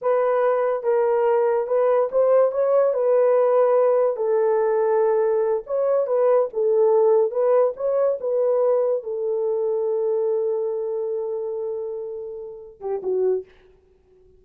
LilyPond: \new Staff \with { instrumentName = "horn" } { \time 4/4 \tempo 4 = 143 b'2 ais'2 | b'4 c''4 cis''4 b'4~ | b'2 a'2~ | a'4. cis''4 b'4 a'8~ |
a'4. b'4 cis''4 b'8~ | b'4. a'2~ a'8~ | a'1~ | a'2~ a'8 g'8 fis'4 | }